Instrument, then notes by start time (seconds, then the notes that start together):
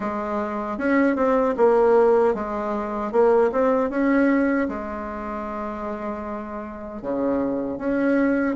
bassoon
0.00 G#3
0.78 C#4
1.15 C4
1.57 A#3
2.34 G#3
3.12 A#3
3.52 C4
3.90 C#4
4.68 G#3
7.02 C#3
7.78 C#4